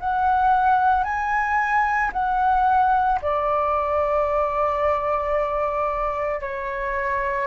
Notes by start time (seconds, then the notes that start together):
0.00 F#5
1.04 G#5
2.13 F#5
3.22 D5
6.41 C#5